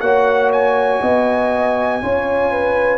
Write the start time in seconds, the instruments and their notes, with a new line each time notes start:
0.00 tuba A#3, trombone F#4, horn C#5, trumpet F#5
0.52 trumpet G#5
1.02 tuba B3, horn D#5
2.01 tuba C#4, trombone F4, horn C#5
2.51 horn B4